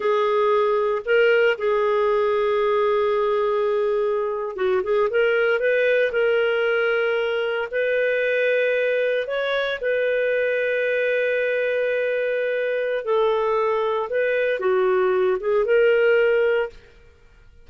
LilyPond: \new Staff \with { instrumentName = "clarinet" } { \time 4/4 \tempo 4 = 115 gis'2 ais'4 gis'4~ | gis'1~ | gis'8. fis'8 gis'8 ais'4 b'4 ais'16~ | ais'2~ ais'8. b'4~ b'16~ |
b'4.~ b'16 cis''4 b'4~ b'16~ | b'1~ | b'4 a'2 b'4 | fis'4. gis'8 ais'2 | }